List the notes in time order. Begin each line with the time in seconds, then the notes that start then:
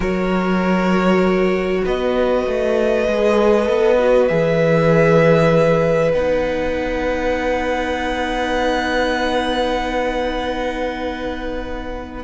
0.00 F#3 F#4 A#4 C#5
1.84 B3 B4 D#5
2.46 A3
3.07 G#3 G#4
3.65 B3 A4
3.99 F#4
4.27 E3 G#4 E5
6.13 B3 D#4 F#5